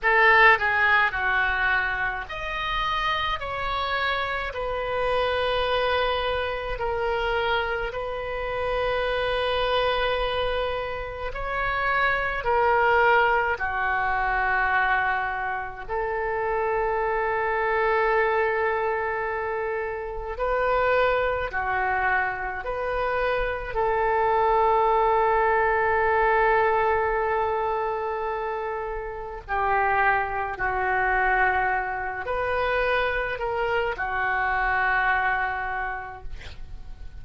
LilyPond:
\new Staff \with { instrumentName = "oboe" } { \time 4/4 \tempo 4 = 53 a'8 gis'8 fis'4 dis''4 cis''4 | b'2 ais'4 b'4~ | b'2 cis''4 ais'4 | fis'2 a'2~ |
a'2 b'4 fis'4 | b'4 a'2.~ | a'2 g'4 fis'4~ | fis'8 b'4 ais'8 fis'2 | }